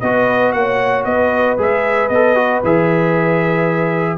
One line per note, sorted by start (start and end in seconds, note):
0.00 0.53 B3
0.00 1.57 F#4
0.00 0.56 B4
0.00 0.52 D#5
0.52 1.04 A#3
0.52 1.06 C#5
0.52 1.04 F#5
1.04 1.57 B3
1.04 4.17 B4
1.04 1.57 D#5
1.57 2.09 G#3
1.57 2.10 G#4
1.57 2.08 E5
2.08 2.61 B3
2.08 2.35 A4
2.08 2.60 D#5
2.35 2.61 F#4
2.63 4.17 E3
2.63 4.17 G#4
2.63 4.17 E5